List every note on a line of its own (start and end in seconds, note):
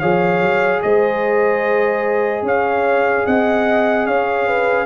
0.00 0.41 F3
0.00 4.85 G#4
0.00 0.81 C#5
0.00 0.81 F5
0.41 0.82 F#3
0.82 2.42 G#3
0.82 2.45 C5
0.82 2.44 D#5
2.42 3.23 C#4
2.42 3.26 C#5
2.42 3.26 F5
3.26 4.07 C4
3.26 4.07 D#5
3.26 4.06 F#5
4.06 4.85 C#4
4.06 4.47 C#5
4.06 4.85 F5
4.47 4.85 B4